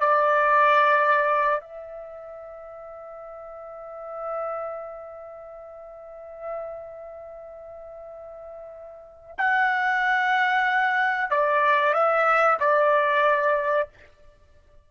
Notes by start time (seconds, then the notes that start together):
0.00 D5
1.61 E5
9.38 F#5
11.31 D5
11.94 E5
12.60 D5